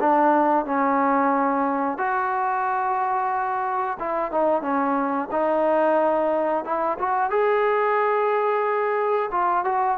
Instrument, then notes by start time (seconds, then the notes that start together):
trombone
0.00 D4
0.65 C#4
1.98 F#4
3.99 E4
4.32 D#4
4.62 C#4
5.32 D#4
6.65 E4
6.99 F#4
7.30 G#4
9.32 F4
9.65 F#4